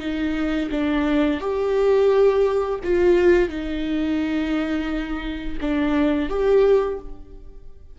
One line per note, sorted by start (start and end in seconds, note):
0.00 0.70 D#4
0.71 1.40 D4
1.40 2.80 G4
2.84 3.49 F4
3.49 5.58 D#4
5.61 6.29 D4
6.29 6.99 G4